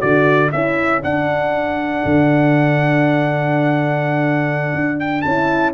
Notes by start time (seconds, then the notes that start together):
0.00 D3 F#4 A4 D5
0.52 C#4 E4 E5
1.02 D4 F#5
2.05 D3
4.74 D4
5.00 G5
5.21 C#4 E4 A5